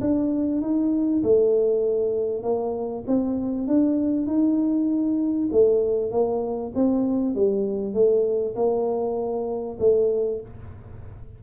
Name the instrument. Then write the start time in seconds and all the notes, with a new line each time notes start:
tuba
0.00 D4
0.61 D#4
1.22 A3
2.43 A#3
3.07 C4
3.67 D4
4.26 D#4
5.52 A3
6.11 A#3
6.75 C4
7.34 G3
7.94 A3
8.55 A#3
9.79 A3